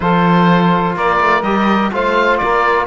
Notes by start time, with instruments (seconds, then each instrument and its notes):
0.00 cello F3, trombone F4, saxophone A4, oboe C5
0.95 cello A#3, saxophone A#4, oboe D5
1.20 cello A3
1.42 cello G3, trombone G4, oboe D#5
1.92 cello A3, trombone F4, saxophone C5, oboe F5
2.37 cello A#3, saxophone A#4, oboe D5